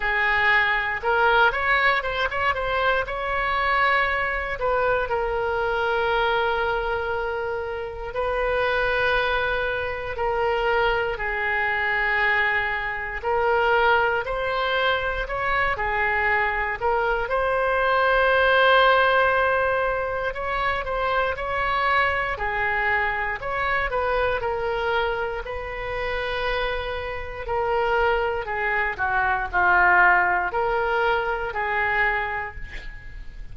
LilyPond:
\new Staff \with { instrumentName = "oboe" } { \time 4/4 \tempo 4 = 59 gis'4 ais'8 cis''8 c''16 cis''16 c''8 cis''4~ | cis''8 b'8 ais'2. | b'2 ais'4 gis'4~ | gis'4 ais'4 c''4 cis''8 gis'8~ |
gis'8 ais'8 c''2. | cis''8 c''8 cis''4 gis'4 cis''8 b'8 | ais'4 b'2 ais'4 | gis'8 fis'8 f'4 ais'4 gis'4 | }